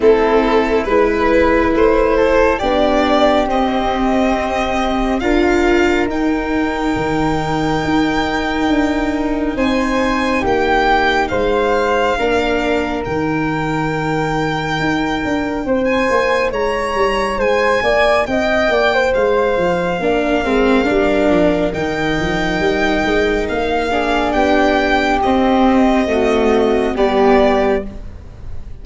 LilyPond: <<
  \new Staff \with { instrumentName = "violin" } { \time 4/4 \tempo 4 = 69 a'4 b'4 c''4 d''4 | dis''2 f''4 g''4~ | g''2. gis''4 | g''4 f''2 g''4~ |
g''2~ g''16 gis''8. ais''4 | gis''4 g''4 f''2~ | f''4 g''2 f''4 | g''4 dis''2 d''4 | }
  \new Staff \with { instrumentName = "flute" } { \time 4/4 e'4 b'4. a'8 g'4~ | g'2 ais'2~ | ais'2. c''4 | g'4 c''4 ais'2~ |
ais'2 c''4 cis''4 | c''8 d''8 dis''8 d''16 c''4~ c''16 ais'4~ | ais'2.~ ais'8 gis'8 | g'2 fis'4 g'4 | }
  \new Staff \with { instrumentName = "viola" } { \time 4/4 c'4 e'2 d'4 | c'2 f'4 dis'4~ | dis'1~ | dis'2 d'4 dis'4~ |
dis'1~ | dis'2. d'8 c'8 | d'4 dis'2~ dis'8 d'8~ | d'4 c'4 a4 b4 | }
  \new Staff \with { instrumentName = "tuba" } { \time 4/4 a4 gis4 a4 b4 | c'2 d'4 dis'4 | dis4 dis'4 d'4 c'4 | ais4 gis4 ais4 dis4~ |
dis4 dis'8 d'8 c'8 ais8 gis8 g8 | gis8 ais8 c'8 ais8 gis8 f8 ais8 gis8 | g8 f8 dis8 f8 g8 gis8 ais4 | b4 c'2 g4 | }
>>